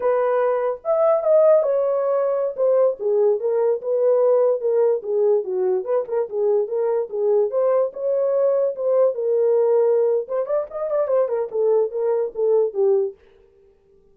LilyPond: \new Staff \with { instrumentName = "horn" } { \time 4/4 \tempo 4 = 146 b'2 e''4 dis''4 | cis''2~ cis''16 c''4 gis'8.~ | gis'16 ais'4 b'2 ais'8.~ | ais'16 gis'4 fis'4 b'8 ais'8 gis'8.~ |
gis'16 ais'4 gis'4 c''4 cis''8.~ | cis''4~ cis''16 c''4 ais'4.~ ais'16~ | ais'4 c''8 d''8 dis''8 d''8 c''8 ais'8 | a'4 ais'4 a'4 g'4 | }